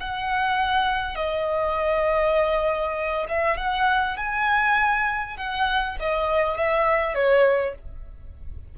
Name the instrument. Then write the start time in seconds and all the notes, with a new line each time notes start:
violin
0.00 F#5
1.15 D#5
3.28 E5
3.57 F#5
4.17 G#5
5.37 F#5
6.00 D#5
6.57 E5
7.15 C#5